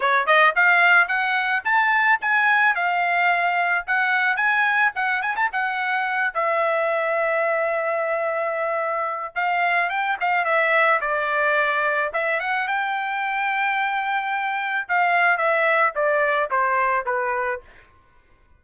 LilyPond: \new Staff \with { instrumentName = "trumpet" } { \time 4/4 \tempo 4 = 109 cis''8 dis''8 f''4 fis''4 a''4 | gis''4 f''2 fis''4 | gis''4 fis''8 gis''16 a''16 fis''4. e''8~ | e''1~ |
e''4 f''4 g''8 f''8 e''4 | d''2 e''8 fis''8 g''4~ | g''2. f''4 | e''4 d''4 c''4 b'4 | }